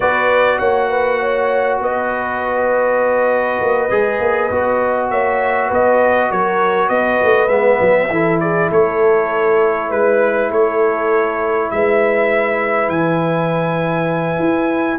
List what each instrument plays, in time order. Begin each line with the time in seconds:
0.00 tuba B3, trombone F#4, horn B4, trumpet D5
0.58 tuba A#3, horn C#5, trumpet F#5
0.89 horn B4
1.19 horn C#5
1.80 tuba B3, horn B4, trumpet D#5
3.60 tuba A#3
3.90 tuba G#3, trombone G#4
4.19 tuba A#3
4.50 tuba B3, trombone F#4
5.10 tuba A#3, horn C#5, trumpet E5
5.68 tuba B3, horn B4, trumpet D#5
6.30 tuba F#3, horn A#4, trumpet C#5
6.88 tuba B3, horn B4, trumpet D#5
7.23 tuba A3
7.48 tuba G#3, trombone B3, trumpet E5
7.80 tuba F#3
8.09 tuba E3, trombone E4, horn A4
8.40 horn G#4, trumpet D5
8.70 tuba A3, horn A4, trumpet C#5
9.89 tuba G#3, horn B4, trumpet B4
10.50 tuba A3, horn A4, trumpet C#5
11.71 tuba G#3, horn B4, trumpet E5
12.88 tuba E3, trumpet G#5
14.39 tuba E4